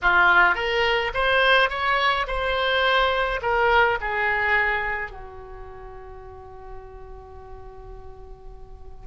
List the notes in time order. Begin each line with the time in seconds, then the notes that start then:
0.02 F4
0.55 A#4
1.13 C5
1.69 C#5
2.27 C5
3.41 A#4
4.00 G#4
5.11 F#4